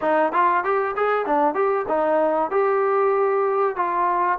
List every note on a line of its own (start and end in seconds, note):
0.01 0.32 D#4
0.32 0.63 F4
0.64 0.95 G4
0.96 1.26 G#4
1.26 1.54 D4
1.54 1.85 G4
1.88 2.50 D#4
2.51 3.76 G4
3.76 4.38 F4